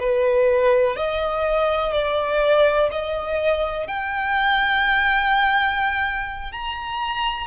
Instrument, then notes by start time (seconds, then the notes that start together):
violin
0.00 B4
0.96 D#5
1.92 D5
2.91 D#5
3.87 G5
6.52 A#5